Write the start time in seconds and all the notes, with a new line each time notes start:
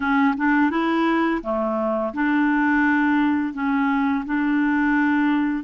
0.00 C#4
0.37 D4
0.70 E4
1.42 A3
2.13 D4
3.53 C#4
4.25 D4